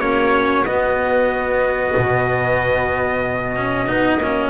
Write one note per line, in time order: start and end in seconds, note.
0.00 0.65 A#3
0.00 0.65 C#4
0.00 4.50 F#4
0.00 0.65 C#5
0.65 1.95 B3
0.65 3.56 B3
0.65 4.50 D#5
1.97 3.89 B2
3.56 3.87 C#4
3.87 4.18 B3
3.87 4.19 D#4
4.18 4.50 A#3
4.18 4.50 C#4